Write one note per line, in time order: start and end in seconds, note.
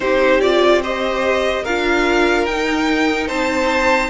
0.00 1.65 C4
0.00 0.41 D#4
0.00 0.82 G4
0.00 0.40 C5
0.40 0.83 F4
0.40 0.81 D5
0.82 1.65 G4
0.82 1.63 C5
0.82 1.65 D#5
1.63 2.47 D4
1.63 2.48 F4
1.63 3.27 A#4
1.63 2.45 F5
2.45 3.29 D#4
2.45 4.09 D#4
2.45 3.27 G5
3.27 4.09 C4
3.27 4.09 C5
3.27 4.09 A5